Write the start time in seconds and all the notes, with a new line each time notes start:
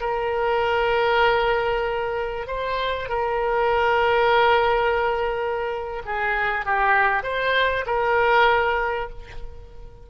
0.00 A#4
2.47 C5
3.09 A#4
6.05 G#4
6.65 G4
7.23 C5
7.86 A#4